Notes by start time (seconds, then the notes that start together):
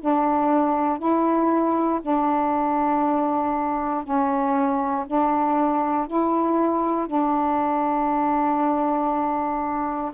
0.00 D4
0.98 E4
2.02 D4
4.04 C#4
5.06 D4
6.06 E4
7.06 D4